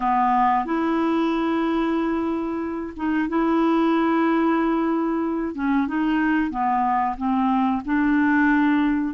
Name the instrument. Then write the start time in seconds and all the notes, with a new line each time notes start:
clarinet
0.00 B3
0.65 E4
2.96 D#4
3.28 E4
5.54 C#4
5.87 D#4
6.50 B3
7.17 C4
7.85 D4